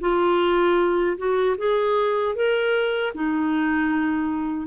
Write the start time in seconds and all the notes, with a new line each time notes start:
0.00 F4
1.18 F#4
1.57 G#4
2.35 A#4
3.14 D#4